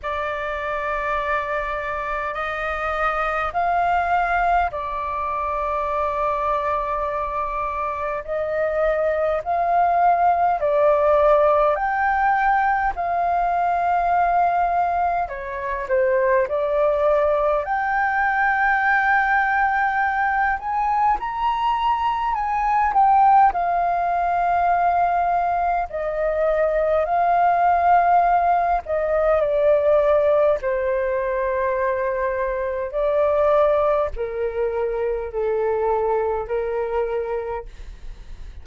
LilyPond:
\new Staff \with { instrumentName = "flute" } { \time 4/4 \tempo 4 = 51 d''2 dis''4 f''4 | d''2. dis''4 | f''4 d''4 g''4 f''4~ | f''4 cis''8 c''8 d''4 g''4~ |
g''4. gis''8 ais''4 gis''8 g''8 | f''2 dis''4 f''4~ | f''8 dis''8 d''4 c''2 | d''4 ais'4 a'4 ais'4 | }